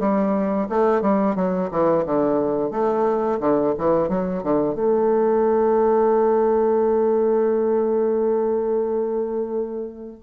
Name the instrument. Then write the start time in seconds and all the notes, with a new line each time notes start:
bassoon
0.00 G3
0.69 A3
1.02 G3
1.36 F#3
1.71 E3
2.06 D3
2.71 A3
3.40 D3
3.78 E3
4.09 F#3
4.43 D3
4.75 A3